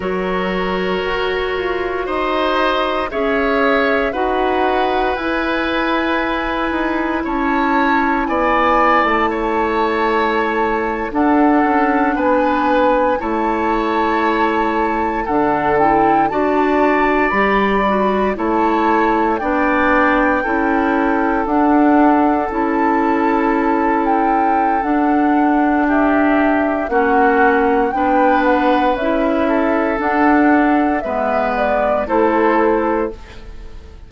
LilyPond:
<<
  \new Staff \with { instrumentName = "flute" } { \time 4/4 \tempo 4 = 58 cis''2 dis''4 e''4 | fis''4 gis''2 a''4 | gis''8. a''2 fis''4 gis''16~ | gis''8. a''2 fis''8 g''8 a''16~ |
a''8. b''4 a''4 g''4~ g''16~ | g''8. fis''4 a''4. g''8. | fis''4 e''4 fis''4 g''8 fis''8 | e''4 fis''4 e''8 d''8 c''4 | }
  \new Staff \with { instrumentName = "oboe" } { \time 4/4 ais'2 c''4 cis''4 | b'2. cis''4 | d''4 cis''4.~ cis''16 a'4 b'16~ | b'8. cis''2 a'4 d''16~ |
d''4.~ d''16 cis''4 d''4 a'16~ | a'1~ | a'4 g'4 fis'4 b'4~ | b'8 a'4. b'4 a'4 | }
  \new Staff \with { instrumentName = "clarinet" } { \time 4/4 fis'2. gis'4 | fis'4 e'2.~ | e'2~ e'8. d'4~ d'16~ | d'8. e'2 d'8 e'8 fis'16~ |
fis'8. g'8 fis'8 e'4 d'4 e'16~ | e'8. d'4 e'2~ e'16 | d'2 cis'4 d'4 | e'4 d'4 b4 e'4 | }
  \new Staff \with { instrumentName = "bassoon" } { \time 4/4 fis4 fis'8 f'8 dis'4 cis'4 | dis'4 e'4. dis'8 cis'4 | b8. a2 d'8 cis'8 b16~ | b8. a2 d4 d'16~ |
d'8. g4 a4 b4 cis'16~ | cis'8. d'4 cis'2~ cis'16 | d'2 ais4 b4 | cis'4 d'4 gis4 a4 | }
>>